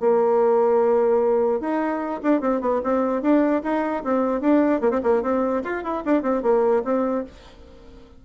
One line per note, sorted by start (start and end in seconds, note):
0.00 1.61 A#3
1.61 2.21 D#4
2.23 2.41 D4
2.41 2.61 C4
2.61 2.81 B3
2.84 3.22 C4
3.22 3.62 D4
3.63 4.03 D#4
4.04 4.41 C4
4.41 4.81 D4
4.81 4.91 A#3
4.91 5.01 C4
5.03 5.23 A#3
5.23 5.63 C4
5.64 5.84 F4
5.84 6.04 E4
6.05 6.23 D4
6.23 6.42 C4
6.42 6.83 A#3
6.84 7.24 C4